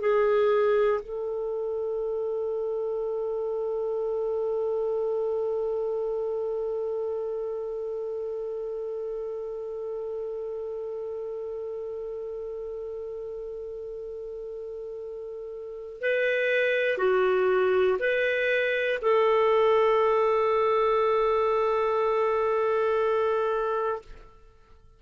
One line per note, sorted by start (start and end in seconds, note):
0.00 1.00 G#4
1.02 16.00 A4
16.00 16.98 B4
16.98 17.98 F#4
17.99 18.99 B4
19.01 24.01 A4